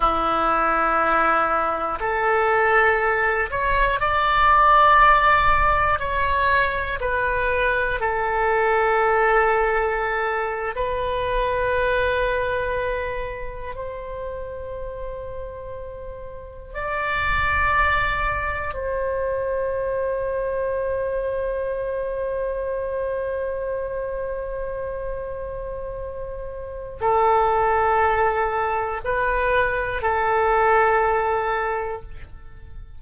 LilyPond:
\new Staff \with { instrumentName = "oboe" } { \time 4/4 \tempo 4 = 60 e'2 a'4. cis''8 | d''2 cis''4 b'4 | a'2~ a'8. b'4~ b'16~ | b'4.~ b'16 c''2~ c''16~ |
c''8. d''2 c''4~ c''16~ | c''1~ | c''2. a'4~ | a'4 b'4 a'2 | }